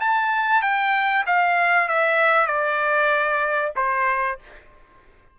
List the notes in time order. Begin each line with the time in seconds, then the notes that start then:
0.00 A5
0.62 G5
1.26 F5
1.88 E5
2.47 D5
3.76 C5